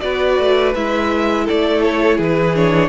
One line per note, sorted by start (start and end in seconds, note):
0.00 0.38 B3
0.00 0.73 F#4
0.00 1.44 B4
0.00 0.72 D5
0.38 0.74 A3
0.74 1.47 G#3
0.74 2.55 E4
0.74 1.46 E5
1.44 2.16 A4
1.44 1.82 D5
1.51 2.18 A3
1.82 2.18 C#5
2.16 2.89 E3
2.16 2.88 G#4
2.23 2.55 B4
2.55 2.89 D4
2.55 2.89 C#5